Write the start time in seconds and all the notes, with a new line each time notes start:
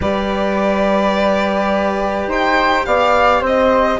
0.00 G3 G4 B4 D5
2.27 D#4 C5 G5
2.85 B3 D5 F5
3.41 C4 C5 D#5